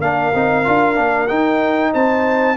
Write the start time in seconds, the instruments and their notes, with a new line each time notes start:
0.00 tuba A#3, trombone D4, horn A#4, trumpet F5
0.35 tuba C4, trombone D#4
0.65 tuba D4, trombone F4
0.96 tuba A#3, trombone D4
1.28 trombone D#4, tuba D#4, trumpet G5
1.93 tuba C4, horn C5, trumpet A5